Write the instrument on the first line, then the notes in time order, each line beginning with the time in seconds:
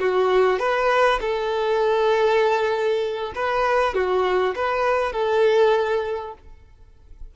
violin
0.00 F#4
0.59 B4
1.21 A4
3.36 B4
3.95 F#4
4.55 B4
5.13 A4